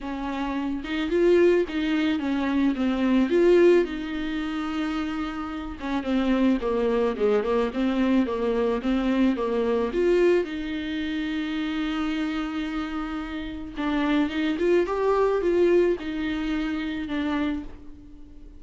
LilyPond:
\new Staff \with { instrumentName = "viola" } { \time 4/4 \tempo 4 = 109 cis'4. dis'8 f'4 dis'4 | cis'4 c'4 f'4 dis'4~ | dis'2~ dis'8 cis'8 c'4 | ais4 gis8 ais8 c'4 ais4 |
c'4 ais4 f'4 dis'4~ | dis'1~ | dis'4 d'4 dis'8 f'8 g'4 | f'4 dis'2 d'4 | }